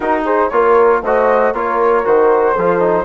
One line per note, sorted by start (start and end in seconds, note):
0.00 0.49 D#4
0.00 0.52 D#4
0.00 0.24 F#4
0.00 0.23 A#4
0.24 0.50 G#4
0.24 0.49 C5
0.49 1.02 A#3
0.49 1.02 F4
0.49 1.03 A#4
0.49 1.00 C#5
1.02 1.52 A3
1.02 1.54 F#4
1.02 1.53 C5
1.02 1.53 D#5
1.52 2.03 A#3
1.52 2.04 F4
1.52 2.53 A#4
1.52 2.05 C#5
2.04 2.56 D#3
2.04 2.55 F#4
2.04 3.05 C5
2.53 3.05 F3
2.53 2.79 F4
2.53 3.04 A4
2.79 3.05 D#4